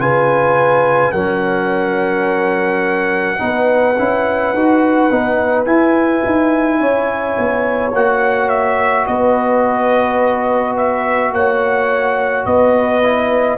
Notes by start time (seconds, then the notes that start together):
0.00 C#3 F4 B4 G#5
1.12 F#3 C#4 A#4 F#5
3.39 B3 D#4 B4
3.99 C#4 E4
4.54 D#4 F#4
5.11 B3 D#4
5.66 E4 G#5
6.25 D#4
6.81 C#4 C#5
7.38 B3
7.94 A#3 F#4 F#5
8.50 E5
9.07 B3 B4 D#5
10.77 E5
11.33 A#3 C#5 F#5
12.46 B3 B4 D#5
13.03 E4